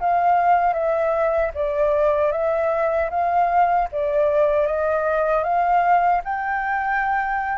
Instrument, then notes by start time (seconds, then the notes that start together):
flute
0.00 F5
0.74 E5
1.54 D5
2.32 E5
3.10 F5
3.92 D5
4.67 D#5
5.44 F5
6.24 G5